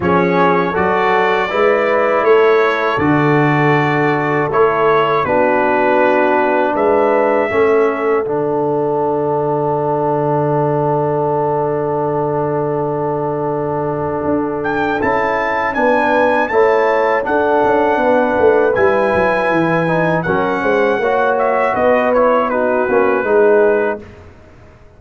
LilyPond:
<<
  \new Staff \with { instrumentName = "trumpet" } { \time 4/4 \tempo 4 = 80 cis''4 d''2 cis''4 | d''2 cis''4 b'4~ | b'4 e''2 fis''4~ | fis''1~ |
fis''2.~ fis''8 g''8 | a''4 gis''4 a''4 fis''4~ | fis''4 gis''2 fis''4~ | fis''8 e''8 dis''8 cis''8 b'2 | }
  \new Staff \with { instrumentName = "horn" } { \time 4/4 gis'4 a'4 b'4 a'4~ | a'2. fis'4~ | fis'4 b'4 a'2~ | a'1~ |
a'1~ | a'4 b'4 cis''4 a'4 | b'2. ais'8 c''8 | cis''4 b'4 fis'4 gis'4 | }
  \new Staff \with { instrumentName = "trombone" } { \time 4/4 cis'4 fis'4 e'2 | fis'2 e'4 d'4~ | d'2 cis'4 d'4~ | d'1~ |
d'1 | e'4 d'4 e'4 d'4~ | d'4 e'4. dis'8 cis'4 | fis'4. e'8 dis'8 cis'8 dis'4 | }
  \new Staff \with { instrumentName = "tuba" } { \time 4/4 f4 fis4 gis4 a4 | d2 a4 b4~ | b4 gis4 a4 d4~ | d1~ |
d2. d'4 | cis'4 b4 a4 d'8 cis'8 | b8 a8 g8 fis8 e4 fis8 gis8 | ais4 b4. ais8 gis4 | }
>>